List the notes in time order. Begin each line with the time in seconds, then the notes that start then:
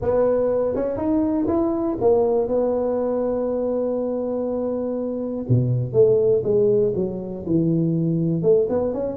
0.01 B3
0.75 C#4
0.96 D#4
1.47 E4
2.01 A#3
2.48 B3
5.48 B2
5.93 A3
6.43 G#3
6.95 F#3
7.45 E3
8.42 A3
8.69 B3
8.93 C#4